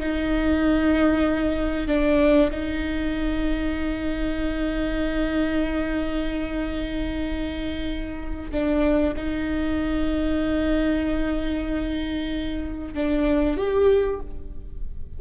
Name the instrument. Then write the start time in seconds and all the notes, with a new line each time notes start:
viola
0.00 D#4
1.88 D4
2.51 D#4
8.51 D4
9.17 D#4
12.94 D4
13.58 G4